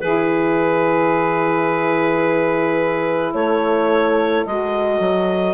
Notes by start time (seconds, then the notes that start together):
0.00 E3 E4 G#4 B4
3.34 A3 A4 C#5
4.46 G#3 F#4 D#5
5.00 F#3